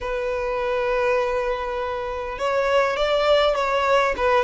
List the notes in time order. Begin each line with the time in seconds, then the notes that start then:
0.01 B4
2.38 C#5
2.96 D5
3.55 C#5
4.16 B4